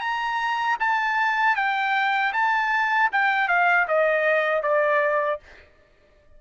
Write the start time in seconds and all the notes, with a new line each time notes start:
0.00 A#5
0.79 A5
1.56 G5
2.33 A5
3.12 G5
3.48 F5
3.87 D#5
4.62 D5